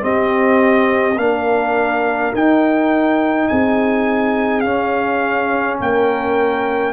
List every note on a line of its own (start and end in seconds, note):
0.00 1.15 C4
0.00 1.17 C4
0.00 1.18 G4
0.00 1.18 D#5
1.17 2.32 A#3
1.17 2.33 D4
1.17 3.50 A#4
1.17 2.33 F5
2.33 4.64 D#4
2.33 3.49 D#4
2.33 3.48 G5
3.48 4.64 C4
3.48 5.80 G#4
3.48 4.60 G#5
4.60 6.93 C#4
4.60 5.80 C#4
4.60 5.76 F5
5.80 6.93 A#3
5.80 6.93 A#4
5.80 6.93 G5